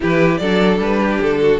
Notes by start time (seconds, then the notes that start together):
0.00 E3 E4 G4 B4
0.37 F#3 D4 A4 D5
0.78 G3 B4
1.00 G4
1.21 D3 A4
1.41 F#4